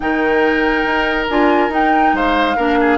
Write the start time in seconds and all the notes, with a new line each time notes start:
0.00 D#3 D#4 A#4 G5
0.84 D#4
1.29 D4 F4 G#5
1.69 D#4 G5
2.13 G#3 C5 F5
2.56 A#3 D4 A#4
2.80 G#4